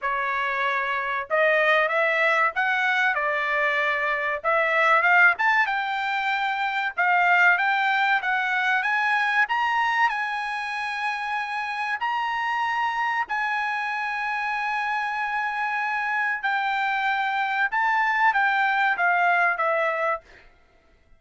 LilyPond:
\new Staff \with { instrumentName = "trumpet" } { \time 4/4 \tempo 4 = 95 cis''2 dis''4 e''4 | fis''4 d''2 e''4 | f''8 a''8 g''2 f''4 | g''4 fis''4 gis''4 ais''4 |
gis''2. ais''4~ | ais''4 gis''2.~ | gis''2 g''2 | a''4 g''4 f''4 e''4 | }